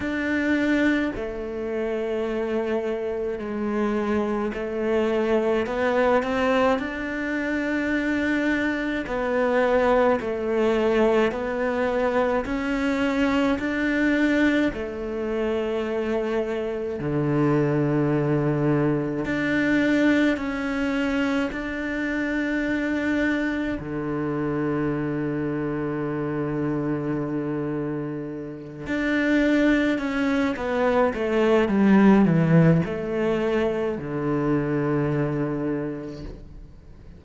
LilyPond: \new Staff \with { instrumentName = "cello" } { \time 4/4 \tempo 4 = 53 d'4 a2 gis4 | a4 b8 c'8 d'2 | b4 a4 b4 cis'4 | d'4 a2 d4~ |
d4 d'4 cis'4 d'4~ | d'4 d2.~ | d4. d'4 cis'8 b8 a8 | g8 e8 a4 d2 | }